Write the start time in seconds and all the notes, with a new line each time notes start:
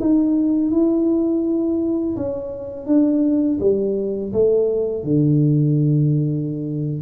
0.00 D#4
0.71 E4
2.17 C#4
2.86 D4
3.60 G3
4.32 A3
5.03 D3